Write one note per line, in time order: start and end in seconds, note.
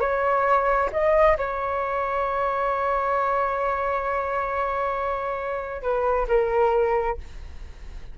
0.00 0.90 C#5
0.92 1.37 D#5
1.37 5.82 C#5
5.82 6.27 B4
6.27 7.17 A#4